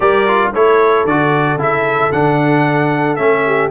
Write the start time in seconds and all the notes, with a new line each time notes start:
0.00 G3 G4 A#4 D5
0.27 F4
0.54 A3 E4 A4 C#5
1.04 D3 F#4 D5
1.55 C#3 E4 E5
2.12 D3 D4 F#5
3.16 A3 C#4 E5
3.46 G4